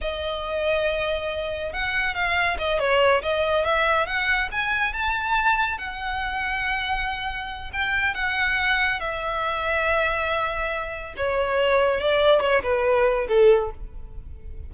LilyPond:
\new Staff \with { instrumentName = "violin" } { \time 4/4 \tempo 4 = 140 dis''1 | fis''4 f''4 dis''8 cis''4 dis''8~ | dis''8 e''4 fis''4 gis''4 a''8~ | a''4. fis''2~ fis''8~ |
fis''2 g''4 fis''4~ | fis''4 e''2.~ | e''2 cis''2 | d''4 cis''8 b'4. a'4 | }